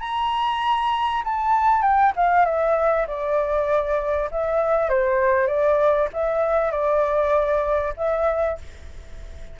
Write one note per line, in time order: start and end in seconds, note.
0.00 1.22 A#5
1.24 1.82 A5
1.82 2.12 G5
2.16 2.45 F5
2.45 3.06 E5
3.07 4.30 D5
4.31 4.89 E5
4.89 5.47 C5
5.47 6.08 D5
6.13 6.71 E5
6.71 7.93 D5
7.96 8.58 E5